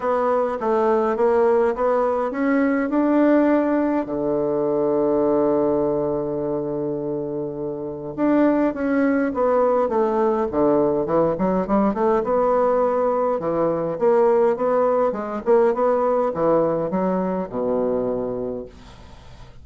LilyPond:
\new Staff \with { instrumentName = "bassoon" } { \time 4/4 \tempo 4 = 103 b4 a4 ais4 b4 | cis'4 d'2 d4~ | d1~ | d2 d'4 cis'4 |
b4 a4 d4 e8 fis8 | g8 a8 b2 e4 | ais4 b4 gis8 ais8 b4 | e4 fis4 b,2 | }